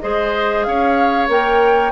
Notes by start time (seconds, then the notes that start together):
0.00 G#3 G#4 C5 D#5
0.64 C#4 C#5 F5
1.29 A#3 A#4 G5